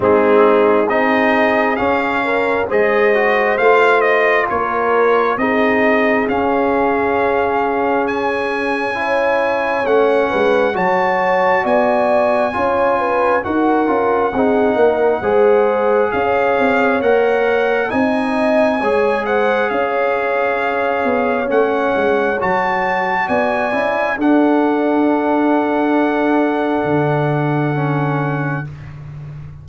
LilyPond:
<<
  \new Staff \with { instrumentName = "trumpet" } { \time 4/4 \tempo 4 = 67 gis'4 dis''4 f''4 dis''4 | f''8 dis''8 cis''4 dis''4 f''4~ | f''4 gis''2 fis''4 | a''4 gis''2 fis''4~ |
fis''2 f''4 fis''4 | gis''4. fis''8 f''2 | fis''4 a''4 gis''4 fis''4~ | fis''1 | }
  \new Staff \with { instrumentName = "horn" } { \time 4/4 dis'4 gis'4. ais'8 c''4~ | c''4 ais'4 gis'2~ | gis'2 cis''4. b'8 | cis''4 d''4 cis''8 b'8 ais'4 |
gis'8 ais'8 c''4 cis''2 | dis''4 cis''8 c''8 cis''2~ | cis''2 d''4 a'4~ | a'1 | }
  \new Staff \with { instrumentName = "trombone" } { \time 4/4 c'4 dis'4 cis'4 gis'8 fis'8 | f'2 dis'4 cis'4~ | cis'2 e'4 cis'4 | fis'2 f'4 fis'8 f'8 |
dis'4 gis'2 ais'4 | dis'4 gis'2. | cis'4 fis'4. e'8 d'4~ | d'2. cis'4 | }
  \new Staff \with { instrumentName = "tuba" } { \time 4/4 gis4 c'4 cis'4 gis4 | a4 ais4 c'4 cis'4~ | cis'2. a8 gis8 | fis4 b4 cis'4 dis'8 cis'8 |
c'8 ais8 gis4 cis'8 c'8 ais4 | c'4 gis4 cis'4. b8 | a8 gis8 fis4 b8 cis'8 d'4~ | d'2 d2 | }
>>